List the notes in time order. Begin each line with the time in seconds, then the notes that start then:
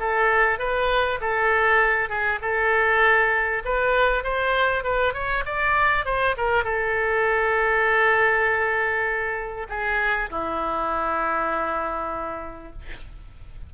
0.00 A4
0.59 B4
1.21 A4
2.09 G#4
2.42 A4
3.65 B4
4.24 C5
4.84 B4
5.14 C#5
5.46 D5
6.06 C5
6.38 A#4
6.64 A4
9.69 G#4
10.30 E4